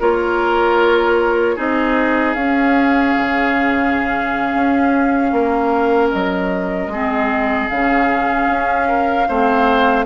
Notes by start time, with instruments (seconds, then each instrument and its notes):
0.00 bassoon A#3, clarinet F4, oboe A#4, flute C#5
1.55 bassoon C4, clarinet D#4, oboe G#4, flute D#5
2.34 bassoon C#4, clarinet C#4, flute F5
3.18 bassoon C#3
4.54 bassoon C#4
5.32 bassoon A#3, oboe A#4
6.11 bassoon F#3, flute D#5
6.87 bassoon G#3, clarinet C4, oboe G#4
7.69 bassoon C#3, clarinet C#4, flute F5
8.48 bassoon C#4
8.88 oboe A#4
9.28 bassoon A3, clarinet C4, oboe C5